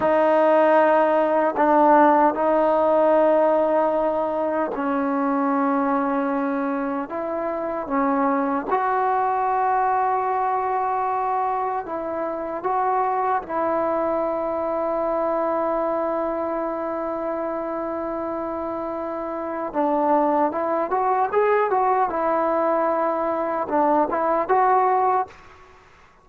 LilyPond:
\new Staff \with { instrumentName = "trombone" } { \time 4/4 \tempo 4 = 76 dis'2 d'4 dis'4~ | dis'2 cis'2~ | cis'4 e'4 cis'4 fis'4~ | fis'2. e'4 |
fis'4 e'2.~ | e'1~ | e'4 d'4 e'8 fis'8 gis'8 fis'8 | e'2 d'8 e'8 fis'4 | }